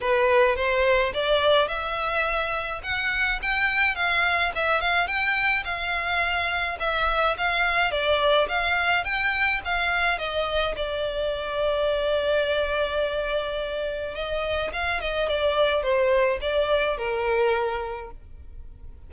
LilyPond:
\new Staff \with { instrumentName = "violin" } { \time 4/4 \tempo 4 = 106 b'4 c''4 d''4 e''4~ | e''4 fis''4 g''4 f''4 | e''8 f''8 g''4 f''2 | e''4 f''4 d''4 f''4 |
g''4 f''4 dis''4 d''4~ | d''1~ | d''4 dis''4 f''8 dis''8 d''4 | c''4 d''4 ais'2 | }